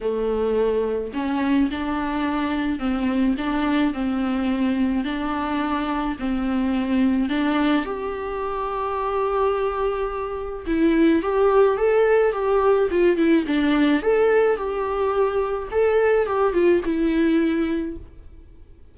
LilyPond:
\new Staff \with { instrumentName = "viola" } { \time 4/4 \tempo 4 = 107 a2 cis'4 d'4~ | d'4 c'4 d'4 c'4~ | c'4 d'2 c'4~ | c'4 d'4 g'2~ |
g'2. e'4 | g'4 a'4 g'4 f'8 e'8 | d'4 a'4 g'2 | a'4 g'8 f'8 e'2 | }